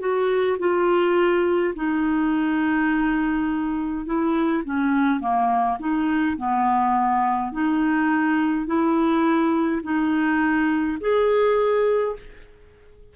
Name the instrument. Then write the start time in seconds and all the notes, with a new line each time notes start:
clarinet
0.00 F#4
0.59 F4
1.76 D#4
4.06 E4
4.65 C#4
5.20 A#3
5.80 D#4
6.38 B3
7.52 D#4
8.67 E4
9.83 D#4
11.01 G#4